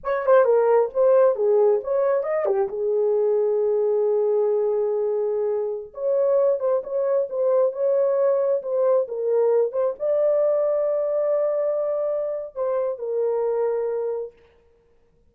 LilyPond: \new Staff \with { instrumentName = "horn" } { \time 4/4 \tempo 4 = 134 cis''8 c''8 ais'4 c''4 gis'4 | cis''4 dis''8 g'8 gis'2~ | gis'1~ | gis'4~ gis'16 cis''4. c''8 cis''8.~ |
cis''16 c''4 cis''2 c''8.~ | c''16 ais'4. c''8 d''4.~ d''16~ | d''1 | c''4 ais'2. | }